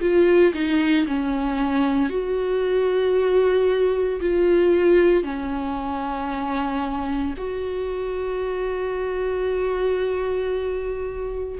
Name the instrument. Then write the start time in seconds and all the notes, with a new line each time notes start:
viola
0.00 F4
0.53 D#4
1.07 C#4
2.09 F#4
4.21 F4
5.23 C#4
7.37 F#4